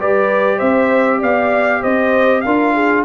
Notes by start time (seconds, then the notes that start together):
0.00 G3 G4 B4 D5
0.58 C4 C5 E5
1.20 B3 D5 F5
1.81 C4 C5 D#5
2.42 D4 F4 A#4 F5
2.75 G#4